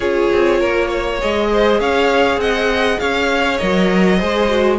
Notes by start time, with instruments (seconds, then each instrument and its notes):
0.00 cello C#4, viola F4, violin G#4 C#5
0.32 cello C4
0.60 cello A#3, violin A#4
0.88 violin C#5
1.19 cello G#3, viola G#4, violin D#5
1.52 violin C5
1.80 cello C#4, violin C#5 F5
2.37 cello C4, violin D#5 F#5
2.99 cello C#4, violin C#5 F5
3.57 cello F#3, viola A#4, violin D#5
4.17 cello G#3, viola G#4, violin C5
4.49 viola F#4